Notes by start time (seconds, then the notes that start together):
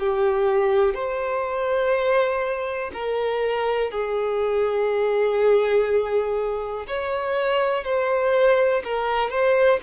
0.00 G4
0.94 C5
2.94 A#4
3.91 G#4
6.88 C#5
7.85 C5
8.84 A#4
9.30 C5